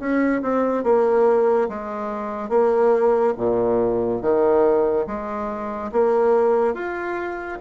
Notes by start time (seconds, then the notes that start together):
0.00 C#4
0.42 C4
0.84 A#3
1.69 G#3
2.49 A#3
3.38 A#2
4.22 D#3
5.07 G#3
5.92 A#3
6.74 F4